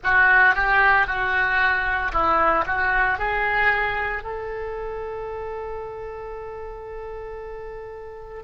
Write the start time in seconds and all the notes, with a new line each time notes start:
0.03 F#4
0.55 G4
1.06 F#4
2.12 E4
2.66 F#4
3.18 G#4
4.23 A4